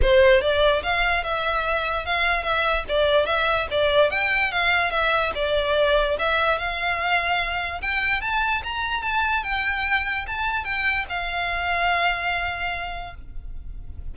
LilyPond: \new Staff \with { instrumentName = "violin" } { \time 4/4 \tempo 4 = 146 c''4 d''4 f''4 e''4~ | e''4 f''4 e''4 d''4 | e''4 d''4 g''4 f''4 | e''4 d''2 e''4 |
f''2. g''4 | a''4 ais''4 a''4 g''4~ | g''4 a''4 g''4 f''4~ | f''1 | }